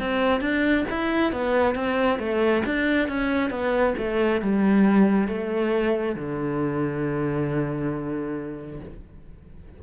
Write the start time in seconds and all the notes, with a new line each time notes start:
0.00 C4
0.41 D4
0.90 E4
1.32 B3
1.75 C4
2.19 A3
2.66 D4
3.08 C#4
3.50 B3
3.98 A3
4.42 G3
5.28 A3
6.16 D3